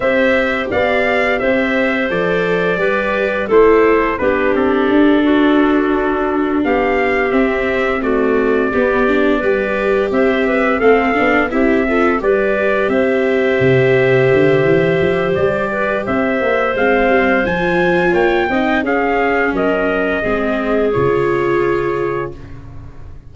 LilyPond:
<<
  \new Staff \with { instrumentName = "trumpet" } { \time 4/4 \tempo 4 = 86 e''4 f''4 e''4 d''4~ | d''4 c''4 b'8 a'4.~ | a'4. f''4 e''4 d''8~ | d''2~ d''8 e''4 f''8~ |
f''8 e''4 d''4 e''4.~ | e''2 d''4 e''4 | f''4 gis''4 g''4 f''4 | dis''2 cis''2 | }
  \new Staff \with { instrumentName = "clarinet" } { \time 4/4 c''4 d''4 c''2 | b'4 a'4 g'4. fis'8~ | fis'4. g'2 fis'8~ | fis'8 g'4 b'4 c''8 b'8 a'8~ |
a'8 g'8 a'8 b'4 c''4.~ | c''2~ c''8 b'8 c''4~ | c''2 cis''8 dis''8 gis'4 | ais'4 gis'2. | }
  \new Staff \with { instrumentName = "viola" } { \time 4/4 g'2. a'4 | g'4 e'4 d'2~ | d'2~ d'8 c'4 a8~ | a8 b8 d'8 g'2 c'8 |
d'8 e'8 f'8 g'2~ g'8~ | g'1 | c'4 f'4. dis'8 cis'4~ | cis'4 c'4 f'2 | }
  \new Staff \with { instrumentName = "tuba" } { \time 4/4 c'4 b4 c'4 f4 | g4 a4 b8 c'8 d'4~ | d'4. b4 c'4.~ | c'8 b4 g4 c'4 a8 |
b8 c'4 g4 c'4 c8~ | c8 d8 e8 f8 g4 c'8 ais8 | gis8 g8 f4 ais8 c'8 cis'4 | fis4 gis4 cis2 | }
>>